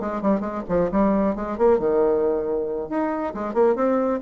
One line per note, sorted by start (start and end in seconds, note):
0.00 0.22 G#3
0.22 0.40 G3
0.40 0.62 G#3
0.68 0.91 F3
0.91 1.35 G3
1.35 1.57 G#3
1.58 1.79 A#3
1.79 2.89 D#3
2.89 3.34 D#4
3.34 3.53 G#3
3.53 3.75 A#3
3.75 4.20 C4